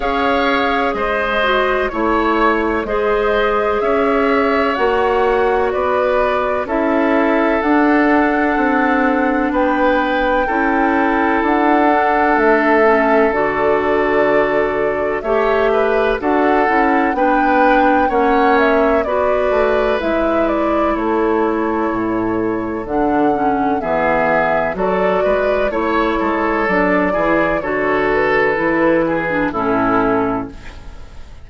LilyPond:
<<
  \new Staff \with { instrumentName = "flute" } { \time 4/4 \tempo 4 = 63 f''4 dis''4 cis''4 dis''4 | e''4 fis''4 d''4 e''4 | fis''2 g''2 | fis''4 e''4 d''2 |
e''4 fis''4 g''4 fis''8 e''8 | d''4 e''8 d''8 cis''2 | fis''4 e''4 d''4 cis''4 | d''4 cis''8 b'4. a'4 | }
  \new Staff \with { instrumentName = "oboe" } { \time 4/4 cis''4 c''4 cis''4 c''4 | cis''2 b'4 a'4~ | a'2 b'4 a'4~ | a'1 |
cis''8 b'8 a'4 b'4 cis''4 | b'2 a'2~ | a'4 gis'4 a'8 b'8 cis''8 a'8~ | a'8 gis'8 a'4. gis'8 e'4 | }
  \new Staff \with { instrumentName = "clarinet" } { \time 4/4 gis'4. fis'8 e'4 gis'4~ | gis'4 fis'2 e'4 | d'2. e'4~ | e'8 d'4 cis'8 fis'2 |
g'4 fis'8 e'8 d'4 cis'4 | fis'4 e'2. | d'8 cis'8 b4 fis'4 e'4 | d'8 e'8 fis'4 e'8. d'16 cis'4 | }
  \new Staff \with { instrumentName = "bassoon" } { \time 4/4 cis'4 gis4 a4 gis4 | cis'4 ais4 b4 cis'4 | d'4 c'4 b4 cis'4 | d'4 a4 d2 |
a4 d'8 cis'8 b4 ais4 | b8 a8 gis4 a4 a,4 | d4 e4 fis8 gis8 a8 gis8 | fis8 e8 d4 e4 a,4 | }
>>